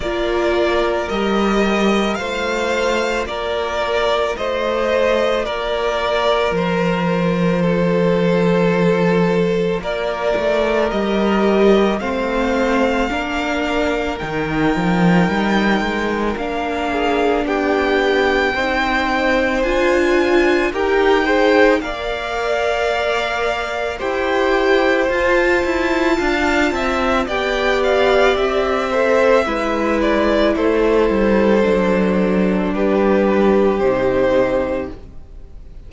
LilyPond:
<<
  \new Staff \with { instrumentName = "violin" } { \time 4/4 \tempo 4 = 55 d''4 dis''4 f''4 d''4 | dis''4 d''4 c''2~ | c''4 d''4 dis''4 f''4~ | f''4 g''2 f''4 |
g''2 gis''4 g''4 | f''2 g''4 a''4~ | a''4 g''8 f''8 e''4. d''8 | c''2 b'4 c''4 | }
  \new Staff \with { instrumentName = "violin" } { \time 4/4 ais'2 c''4 ais'4 | c''4 ais'2 a'4~ | a'4 ais'2 c''4 | ais'2.~ ais'8 gis'8 |
g'4 c''2 ais'8 c''8 | d''2 c''2 | f''8 e''8 d''4. c''8 b'4 | a'2 g'2 | }
  \new Staff \with { instrumentName = "viola" } { \time 4/4 f'4 g'4 f'2~ | f'1~ | f'2 g'4 c'4 | d'4 dis'2 d'4~ |
d'4 dis'4 f'4 g'8 gis'8 | ais'2 g'4 f'4~ | f'4 g'4. a'8 e'4~ | e'4 d'2 dis'4 | }
  \new Staff \with { instrumentName = "cello" } { \time 4/4 ais4 g4 a4 ais4 | a4 ais4 f2~ | f4 ais8 a8 g4 a4 | ais4 dis8 f8 g8 gis8 ais4 |
b4 c'4 d'4 dis'4 | ais2 e'4 f'8 e'8 | d'8 c'8 b4 c'4 gis4 | a8 g8 fis4 g4 c4 | }
>>